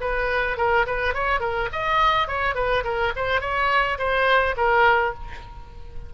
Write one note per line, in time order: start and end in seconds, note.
0.00 0.57 B4
0.57 0.86 A#4
0.86 1.14 B4
1.14 1.40 C#5
1.40 1.68 A#4
1.72 2.27 D#5
2.27 2.55 C#5
2.55 2.83 B4
2.84 3.12 A#4
3.16 3.41 C5
3.41 3.98 C#5
3.98 4.55 C5
4.57 5.14 A#4